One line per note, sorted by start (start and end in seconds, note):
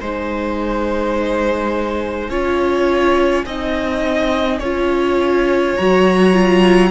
0.00 2.29 G#3
0.00 2.31 D#4
0.00 2.30 C5
0.00 5.76 G#5
2.29 3.44 C#4
2.29 3.46 F4
2.29 3.45 C#5
3.45 4.60 C4
3.45 4.62 D#4
3.45 4.59 D#5
4.59 5.76 C#4
4.59 5.79 F4
4.59 6.90 C#5
5.76 6.90 F#3
5.76 6.33 F#4
5.76 6.90 A#5
6.33 6.90 F4